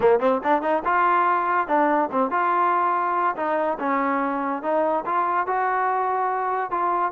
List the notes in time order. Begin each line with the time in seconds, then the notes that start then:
0.00 A#3
0.19 C4
0.43 D4
0.62 D#4
0.84 F4
1.67 D4
2.11 C4
2.30 F4
3.35 D#4
3.79 C#4
4.62 D#4
5.05 F4
5.46 F#4
6.71 F4